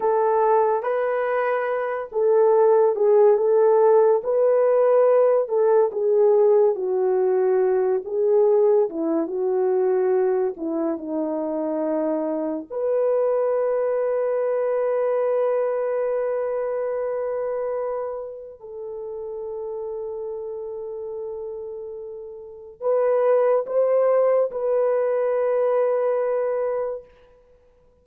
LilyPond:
\new Staff \with { instrumentName = "horn" } { \time 4/4 \tempo 4 = 71 a'4 b'4. a'4 gis'8 | a'4 b'4. a'8 gis'4 | fis'4. gis'4 e'8 fis'4~ | fis'8 e'8 dis'2 b'4~ |
b'1~ | b'2 a'2~ | a'2. b'4 | c''4 b'2. | }